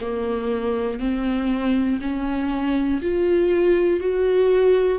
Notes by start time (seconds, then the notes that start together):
0.00 A#3
0.99 C4
2.00 C#4
3.01 F4
4.00 F#4